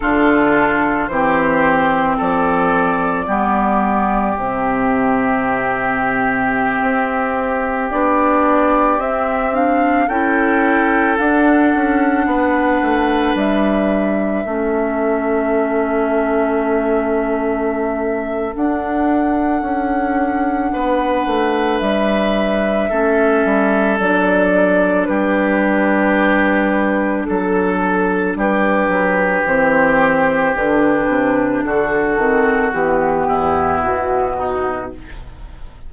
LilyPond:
<<
  \new Staff \with { instrumentName = "flute" } { \time 4/4 \tempo 4 = 55 a'4 c''4 d''2 | e''2.~ e''16 d''8.~ | d''16 e''8 f''8 g''4 fis''4.~ fis''16~ | fis''16 e''2.~ e''8.~ |
e''4 fis''2. | e''2 d''4 b'4~ | b'4 a'4 b'4 c''4 | b'4 a'4 g'4 fis'4 | }
  \new Staff \with { instrumentName = "oboe" } { \time 4/4 f'4 g'4 a'4 g'4~ | g'1~ | g'4~ g'16 a'2 b'8.~ | b'4~ b'16 a'2~ a'8.~ |
a'2. b'4~ | b'4 a'2 g'4~ | g'4 a'4 g'2~ | g'4 fis'4. e'4 dis'8 | }
  \new Staff \with { instrumentName = "clarinet" } { \time 4/4 d'4 c'2 b4 | c'2.~ c'16 d'8.~ | d'16 c'8 d'8 e'4 d'4.~ d'16~ | d'4~ d'16 cis'2~ cis'8.~ |
cis'4 d'2.~ | d'4 cis'4 d'2~ | d'2. c'4 | d'4. c'8 b2 | }
  \new Staff \with { instrumentName = "bassoon" } { \time 4/4 d4 e4 f4 g4 | c2~ c16 c'4 b8.~ | b16 c'4 cis'4 d'8 cis'8 b8 a16~ | a16 g4 a2~ a8.~ |
a4 d'4 cis'4 b8 a8 | g4 a8 g8 fis4 g4~ | g4 fis4 g8 fis8 e4 | d8 c8 d8 dis8 e8 e,8 b,4 | }
>>